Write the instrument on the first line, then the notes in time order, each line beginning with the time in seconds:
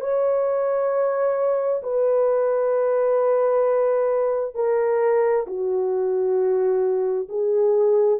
horn
0.00 C#5
1.83 B4
4.55 A#4
5.47 F#4
7.29 G#4